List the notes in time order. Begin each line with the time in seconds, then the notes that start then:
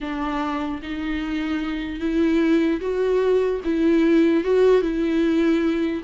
0.00 D4
0.82 D#4
2.00 E4
2.80 F#4
3.64 E4
4.43 F#4
4.81 E4